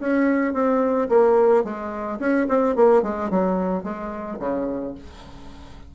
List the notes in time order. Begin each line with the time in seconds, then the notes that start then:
0.00 C#4
0.54 C4
1.09 A#3
1.64 G#3
2.20 C#4
2.49 C4
2.76 A#3
3.03 G#3
3.31 F#3
3.84 G#3
4.40 C#3